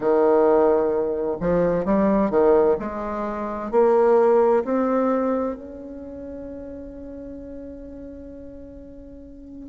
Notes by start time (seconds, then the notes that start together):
0.00 D#3
1.40 F3
1.85 G3
2.30 D#3
2.79 G#3
3.71 A#3
4.64 C4
5.56 C#4